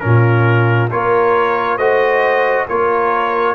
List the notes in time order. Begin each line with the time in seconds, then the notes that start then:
0.00 A#2 C#4 F4 A#4
0.91 A#3 F4 A#4 C#5
1.77 A3 F#4 C5 D#5
2.68 A#3 F4 A#4 C#5